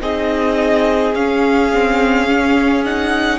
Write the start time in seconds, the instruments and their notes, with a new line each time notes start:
0.00 cello C4, viola D#4, violin G#4 D#5
1.13 cello C#4, viola C#4, violin F5
1.73 viola C4
2.27 viola C#4
2.84 viola D#4, violin F#5